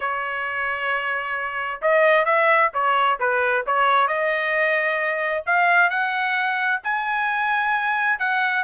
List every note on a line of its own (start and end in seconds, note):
0.00 1.81 C#5
1.81 2.25 D#5
2.25 2.70 E5
2.73 3.19 C#5
3.19 3.65 B4
3.66 4.07 C#5
4.07 5.44 D#5
5.45 5.89 F5
5.89 6.80 F#5
6.83 8.19 G#5
8.19 8.64 F#5